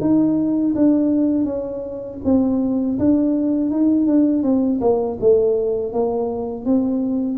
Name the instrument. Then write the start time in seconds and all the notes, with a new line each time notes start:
tuba
0.00 D#4
0.75 D4
1.44 C#4
2.24 C4
2.99 D4
3.70 D#4
4.06 D4
4.42 C4
4.81 A#3
5.20 A3
5.92 A#3
6.65 C4